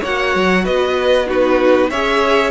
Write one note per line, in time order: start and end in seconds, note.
0.00 0.35 A#3
0.00 1.26 F#4
0.00 0.63 C#5
0.00 0.65 F#5
0.35 0.66 F#3
0.64 1.91 B3
0.64 1.27 B4
0.64 1.28 D#5
1.26 1.89 D#4
1.26 1.90 F#4
1.26 1.90 B4
1.90 2.51 C#4
1.90 2.51 G#4
1.90 2.51 C#5
1.90 2.51 E5